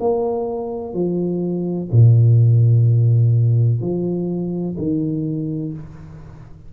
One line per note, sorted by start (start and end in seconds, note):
0.00 0.93 A#3
0.93 1.88 F3
1.92 3.81 A#2
3.81 4.76 F3
4.78 5.73 D#3